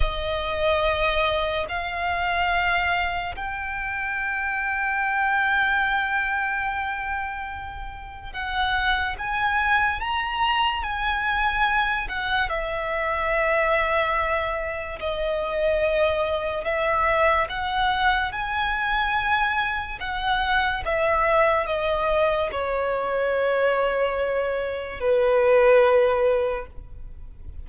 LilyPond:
\new Staff \with { instrumentName = "violin" } { \time 4/4 \tempo 4 = 72 dis''2 f''2 | g''1~ | g''2 fis''4 gis''4 | ais''4 gis''4. fis''8 e''4~ |
e''2 dis''2 | e''4 fis''4 gis''2 | fis''4 e''4 dis''4 cis''4~ | cis''2 b'2 | }